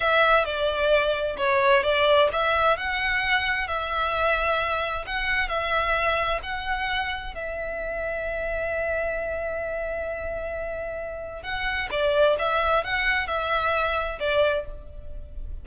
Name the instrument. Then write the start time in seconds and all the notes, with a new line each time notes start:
violin
0.00 E5
0.45 D5
1.37 C#5
1.83 D5
2.32 E5
2.77 F#5
3.67 E5
5.06 F#5
5.48 E5
6.42 F#5
7.34 E5
11.43 F#5
11.90 D5
12.39 E5
12.84 F#5
13.27 E5
14.19 D5